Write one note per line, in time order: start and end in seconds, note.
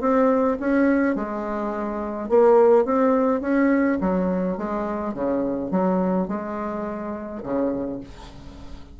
0.00 0.57 C4
0.60 1.15 C#4
1.15 2.29 G#3
2.29 2.85 A#3
2.85 3.41 C4
3.41 3.98 C#4
4.00 4.57 F#3
4.57 5.14 G#3
5.14 5.71 C#3
5.71 6.28 F#3
6.28 7.42 G#3
7.43 8.00 C#3